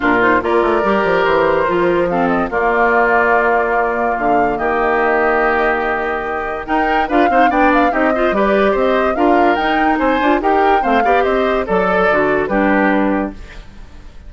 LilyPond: <<
  \new Staff \with { instrumentName = "flute" } { \time 4/4 \tempo 4 = 144 ais'8 c''8 d''2 c''4~ | c''4 f''8 dis''8 d''2~ | d''2 f''4 dis''4~ | dis''1 |
g''4 f''4 g''8 f''8 dis''4 | d''4 dis''4 f''4 g''4 | gis''4 g''4 f''4 dis''4 | d''2 b'2 | }
  \new Staff \with { instrumentName = "oboe" } { \time 4/4 f'4 ais'2.~ | ais'4 a'4 f'2~ | f'2. g'4~ | g'1 |
ais'4 b'8 c''8 d''4 g'8 c''8 | b'4 c''4 ais'2 | c''4 ais'4 c''8 d''8 c''4 | a'2 g'2 | }
  \new Staff \with { instrumentName = "clarinet" } { \time 4/4 d'8 dis'8 f'4 g'2 | f'4 c'4 ais2~ | ais1~ | ais1 |
dis'4 f'8 dis'8 d'4 dis'8 f'8 | g'2 f'4 dis'4~ | dis'8 f'8 g'4 c'8 g'4. | a'4 fis'4 d'2 | }
  \new Staff \with { instrumentName = "bassoon" } { \time 4/4 ais,4 ais8 a8 g8 f8 e4 | f2 ais2~ | ais2 d4 dis4~ | dis1 |
dis'4 d'8 c'8 b4 c'4 | g4 c'4 d'4 dis'4 | c'8 d'8 dis'4 a8 b8 c'4 | fis4 d4 g2 | }
>>